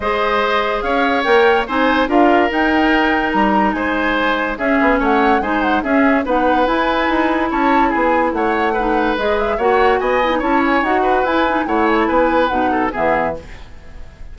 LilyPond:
<<
  \new Staff \with { instrumentName = "flute" } { \time 4/4 \tempo 4 = 144 dis''2 f''4 g''4 | gis''4 f''4 g''2 | ais''4 gis''2 e''4 | fis''4 gis''8 fis''8 e''4 fis''4 |
gis''2 a''4 gis''4 | fis''2 dis''8 e''8 fis''4 | gis''4 a''8 gis''8 fis''4 gis''4 | fis''8 gis''16 a''16 gis''4 fis''4 e''4 | }
  \new Staff \with { instrumentName = "oboe" } { \time 4/4 c''2 cis''2 | c''4 ais'2.~ | ais'4 c''2 gis'4 | cis''4 c''4 gis'4 b'4~ |
b'2 cis''4 gis'4 | cis''4 b'2 cis''4 | dis''4 cis''4. b'4. | cis''4 b'4. a'8 gis'4 | }
  \new Staff \with { instrumentName = "clarinet" } { \time 4/4 gis'2. ais'4 | dis'4 f'4 dis'2~ | dis'2. cis'4~ | cis'4 dis'4 cis'4 dis'4 |
e'1~ | e'4 dis'4 gis'4 fis'4~ | fis'8 e'16 dis'16 e'4 fis'4 e'8 dis'8 | e'2 dis'4 b4 | }
  \new Staff \with { instrumentName = "bassoon" } { \time 4/4 gis2 cis'4 ais4 | c'4 d'4 dis'2 | g4 gis2 cis'8 b8 | a4 gis4 cis'4 b4 |
e'4 dis'4 cis'4 b4 | a2 gis4 ais4 | b4 cis'4 dis'4 e'4 | a4 b4 b,4 e4 | }
>>